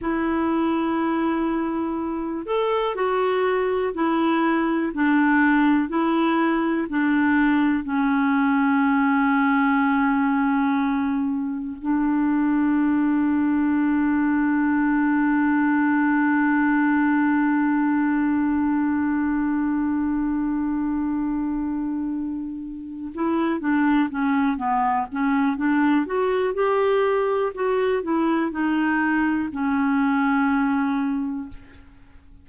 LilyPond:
\new Staff \with { instrumentName = "clarinet" } { \time 4/4 \tempo 4 = 61 e'2~ e'8 a'8 fis'4 | e'4 d'4 e'4 d'4 | cis'1 | d'1~ |
d'1~ | d'2.~ d'8 e'8 | d'8 cis'8 b8 cis'8 d'8 fis'8 g'4 | fis'8 e'8 dis'4 cis'2 | }